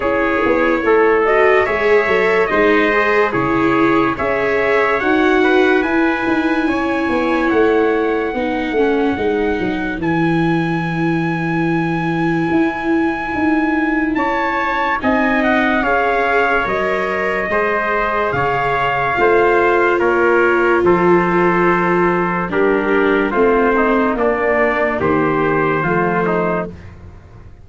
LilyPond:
<<
  \new Staff \with { instrumentName = "trumpet" } { \time 4/4 \tempo 4 = 72 cis''4. dis''8 e''4 dis''4 | cis''4 e''4 fis''4 gis''4~ | gis''4 fis''2. | gis''1~ |
gis''4 a''4 gis''8 fis''8 f''4 | dis''2 f''2 | cis''4 c''2 ais'4 | c''4 d''4 c''2 | }
  \new Staff \with { instrumentName = "trumpet" } { \time 4/4 gis'4 a'4 cis''4 c''4 | gis'4 cis''4. b'4. | cis''2 b'2~ | b'1~ |
b'4 cis''4 dis''4 cis''4~ | cis''4 c''4 cis''4 c''4 | ais'4 a'2 g'4 | f'8 dis'8 d'4 g'4 f'8 dis'8 | }
  \new Staff \with { instrumentName = "viola" } { \time 4/4 e'4. fis'8 gis'8 a'8 dis'8 gis'8 | e'4 gis'4 fis'4 e'4~ | e'2 dis'8 cis'8 dis'4 | e'1~ |
e'2 dis'4 gis'4 | ais'4 gis'2 f'4~ | f'2. d'4 | c'4 ais2 a4 | }
  \new Staff \with { instrumentName = "tuba" } { \time 4/4 cis'8 b8 a4 gis8 fis8 gis4 | cis4 cis'4 dis'4 e'8 dis'8 | cis'8 b8 a4 b8 a8 gis8 fis8 | e2. e'4 |
dis'4 cis'4 c'4 cis'4 | fis4 gis4 cis4 a4 | ais4 f2 g4 | a4 ais4 dis4 f4 | }
>>